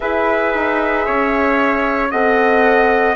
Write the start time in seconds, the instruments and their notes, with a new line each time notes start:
0.00 bassoon E4, horn G#4, trumpet B4, flute E5
0.54 bassoon D#4
1.05 bassoon C#4, trumpet C#5
2.10 bassoon C4, horn A4, trumpet D#5, flute F#5